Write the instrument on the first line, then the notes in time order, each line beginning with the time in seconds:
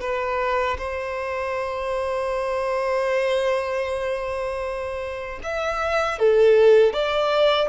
violin
0.00 B4
0.78 C5
5.43 E5
6.19 A4
6.93 D5